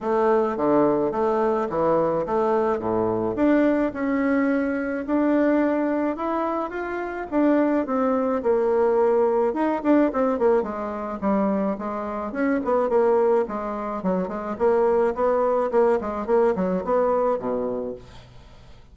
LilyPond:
\new Staff \with { instrumentName = "bassoon" } { \time 4/4 \tempo 4 = 107 a4 d4 a4 e4 | a4 a,4 d'4 cis'4~ | cis'4 d'2 e'4 | f'4 d'4 c'4 ais4~ |
ais4 dis'8 d'8 c'8 ais8 gis4 | g4 gis4 cis'8 b8 ais4 | gis4 fis8 gis8 ais4 b4 | ais8 gis8 ais8 fis8 b4 b,4 | }